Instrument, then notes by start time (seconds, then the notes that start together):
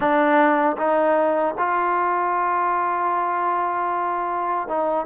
trombone
0.00 D4
0.77 D#4
1.58 F4
4.68 D#4